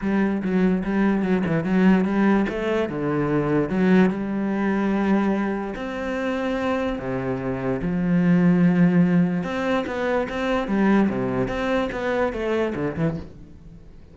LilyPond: \new Staff \with { instrumentName = "cello" } { \time 4/4 \tempo 4 = 146 g4 fis4 g4 fis8 e8 | fis4 g4 a4 d4~ | d4 fis4 g2~ | g2 c'2~ |
c'4 c2 f4~ | f2. c'4 | b4 c'4 g4 c4 | c'4 b4 a4 d8 e8 | }